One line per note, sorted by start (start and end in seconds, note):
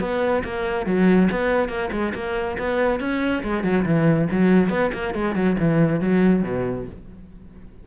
0.00 0.43 B3
0.44 0.86 A#3
0.86 1.29 F#3
1.31 1.69 B3
1.69 1.90 A#3
1.92 2.13 G#3
2.14 2.57 A#3
2.58 3.00 B3
3.00 3.43 C#4
3.43 3.63 G#3
3.63 3.85 F#3
3.85 4.28 E3
4.31 4.70 F#3
4.70 4.91 B3
4.93 5.14 A#3
5.14 5.35 G#3
5.35 5.56 F#3
5.59 6.00 E3
6.00 6.43 F#3
6.43 6.86 B2